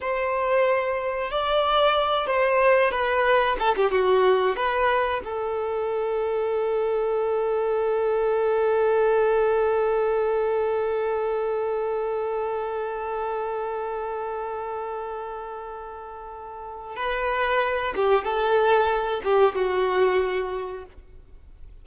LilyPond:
\new Staff \with { instrumentName = "violin" } { \time 4/4 \tempo 4 = 92 c''2 d''4. c''8~ | c''8 b'4 a'16 g'16 fis'4 b'4 | a'1~ | a'1~ |
a'1~ | a'1~ | a'2 b'4. g'8 | a'4. g'8 fis'2 | }